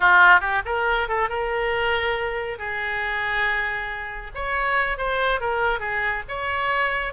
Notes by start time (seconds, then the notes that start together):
0.00 F4
0.40 G4
0.65 A#4
1.08 A4
1.29 A#4
2.58 G#4
4.34 C#5
4.97 C5
5.40 A#4
5.79 G#4
6.28 C#5